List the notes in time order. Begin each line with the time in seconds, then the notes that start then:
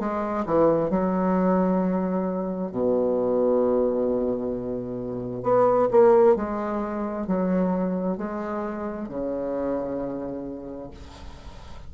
0.00 G#3
0.46 E3
0.90 F#3
2.72 B2
5.43 B3
5.91 A#3
6.36 G#3
7.27 F#3
8.18 G#3
9.09 C#3